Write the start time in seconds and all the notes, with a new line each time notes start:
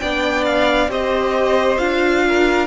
0.00 B3 D4 D5 G5
0.45 F5
0.89 C4 G4 C5 D#5
1.78 D4 F4 F5
2.29 A#4